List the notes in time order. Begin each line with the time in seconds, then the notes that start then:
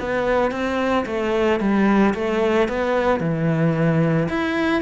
0.00 B3
0.51 C4
1.06 A3
1.60 G3
2.15 A3
2.69 B3
3.21 E3
4.29 E4